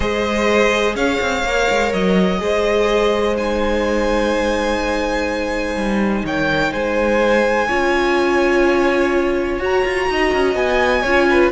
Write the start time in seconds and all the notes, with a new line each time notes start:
0.00 G#3 G#4 C5 D#5
0.95 C#4 C#5 F5
1.21 C4
1.43 A#3 A#4
1.71 G#3
1.93 F#3 D#5
2.39 G#3 G#4 C5
3.37 D#4 G#5
5.75 G3
6.24 D#3 C#5 G5
6.72 G#3 C5 G#5
7.67 C#4 F4 C#5
9.58 F#4 A#5
9.84 F4
10.08 D#4 D#5
10.33 C#4
10.54 B3 G#5
11.01 C#4 F4 C#5
11.29 B4